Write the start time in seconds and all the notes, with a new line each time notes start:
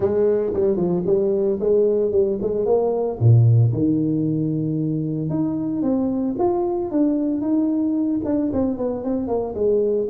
0.00 G#3
0.53 G3
0.76 F3
1.05 G3
1.59 G#3
2.11 G3
2.41 G#3
2.65 A#3
3.19 A#2
3.72 D#3
5.29 D#4
5.82 C4
6.38 F4
6.91 D4
7.41 D#4
8.24 D4
8.52 C4
8.77 B3
9.03 C4
9.27 A#3
9.54 G#3